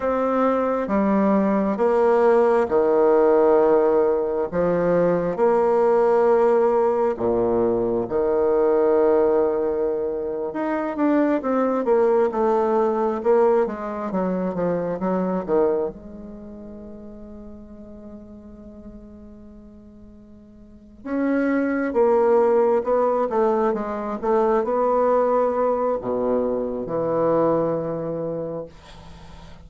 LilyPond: \new Staff \with { instrumentName = "bassoon" } { \time 4/4 \tempo 4 = 67 c'4 g4 ais4 dis4~ | dis4 f4 ais2 | ais,4 dis2~ dis8. dis'16~ | dis'16 d'8 c'8 ais8 a4 ais8 gis8 fis16~ |
fis16 f8 fis8 dis8 gis2~ gis16~ | gis2.~ gis8 cis'8~ | cis'8 ais4 b8 a8 gis8 a8 b8~ | b4 b,4 e2 | }